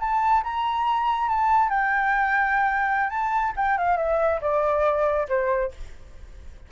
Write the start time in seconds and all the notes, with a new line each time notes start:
0.00 A5
0.44 A#5
1.29 A5
1.70 G5
3.10 A5
3.57 G5
3.78 F5
3.97 E5
4.41 D5
5.29 C5